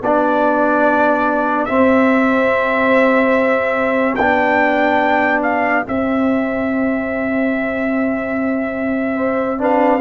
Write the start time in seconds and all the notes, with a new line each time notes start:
0.00 B3 D4 G4 D5
1.65 C4 E5
4.16 B3 D4 G5
5.43 F5
5.84 C4 E5
9.16 C5
9.58 D4 B4 F5